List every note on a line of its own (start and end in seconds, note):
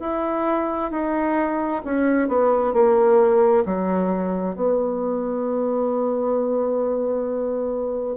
0.00 0.91 E4
0.91 1.82 D#4
1.85 2.28 C#4
2.28 2.73 B3
2.73 3.64 A#3
3.65 4.55 F#3
4.55 8.17 B3